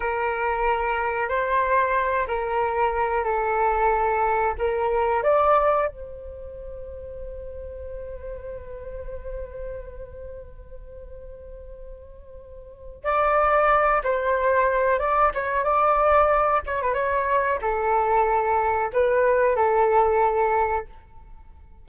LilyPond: \new Staff \with { instrumentName = "flute" } { \time 4/4 \tempo 4 = 92 ais'2 c''4. ais'8~ | ais'4 a'2 ais'4 | d''4 c''2.~ | c''1~ |
c''1 | d''4. c''4. d''8 cis''8 | d''4. cis''16 b'16 cis''4 a'4~ | a'4 b'4 a'2 | }